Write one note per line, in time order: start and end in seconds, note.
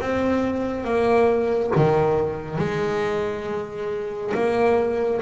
0.00 0.84 C4
0.84 1.71 A#3
1.75 2.58 D#3
2.58 4.32 G#3
4.34 5.21 A#3